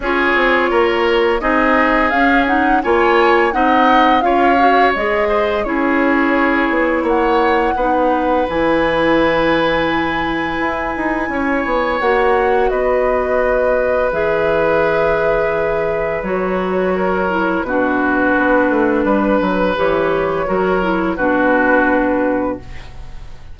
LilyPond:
<<
  \new Staff \with { instrumentName = "flute" } { \time 4/4 \tempo 4 = 85 cis''2 dis''4 f''8 fis''8 | gis''4 fis''4 f''4 dis''4 | cis''2 fis''2 | gis''1~ |
gis''4 fis''4 dis''2 | e''2. cis''4~ | cis''4 b'2. | cis''2 b'2 | }
  \new Staff \with { instrumentName = "oboe" } { \time 4/4 gis'4 ais'4 gis'2 | cis''4 dis''4 cis''4. c''8 | gis'2 cis''4 b'4~ | b'1 |
cis''2 b'2~ | b'1 | ais'4 fis'2 b'4~ | b'4 ais'4 fis'2 | }
  \new Staff \with { instrumentName = "clarinet" } { \time 4/4 f'2 dis'4 cis'8 dis'8 | f'4 dis'4 f'8 fis'8 gis'4 | e'2. dis'4 | e'1~ |
e'4 fis'2. | gis'2. fis'4~ | fis'8 e'8 d'2. | g'4 fis'8 e'8 d'2 | }
  \new Staff \with { instrumentName = "bassoon" } { \time 4/4 cis'8 c'8 ais4 c'4 cis'4 | ais4 c'4 cis'4 gis4 | cis'4. b8 ais4 b4 | e2. e'8 dis'8 |
cis'8 b8 ais4 b2 | e2. fis4~ | fis4 b,4 b8 a8 g8 fis8 | e4 fis4 b,2 | }
>>